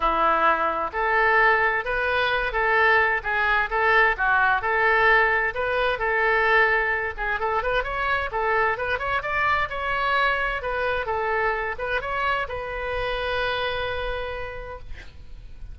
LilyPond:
\new Staff \with { instrumentName = "oboe" } { \time 4/4 \tempo 4 = 130 e'2 a'2 | b'4. a'4. gis'4 | a'4 fis'4 a'2 | b'4 a'2~ a'8 gis'8 |
a'8 b'8 cis''4 a'4 b'8 cis''8 | d''4 cis''2 b'4 | a'4. b'8 cis''4 b'4~ | b'1 | }